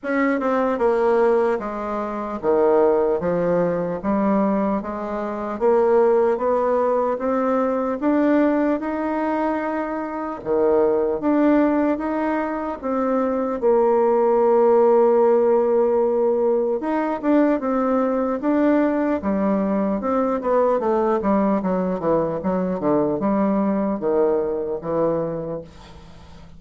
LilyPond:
\new Staff \with { instrumentName = "bassoon" } { \time 4/4 \tempo 4 = 75 cis'8 c'8 ais4 gis4 dis4 | f4 g4 gis4 ais4 | b4 c'4 d'4 dis'4~ | dis'4 dis4 d'4 dis'4 |
c'4 ais2.~ | ais4 dis'8 d'8 c'4 d'4 | g4 c'8 b8 a8 g8 fis8 e8 | fis8 d8 g4 dis4 e4 | }